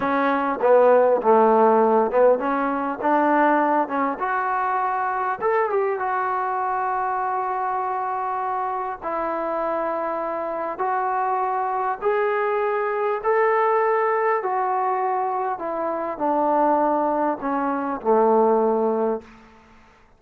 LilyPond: \new Staff \with { instrumentName = "trombone" } { \time 4/4 \tempo 4 = 100 cis'4 b4 a4. b8 | cis'4 d'4. cis'8 fis'4~ | fis'4 a'8 g'8 fis'2~ | fis'2. e'4~ |
e'2 fis'2 | gis'2 a'2 | fis'2 e'4 d'4~ | d'4 cis'4 a2 | }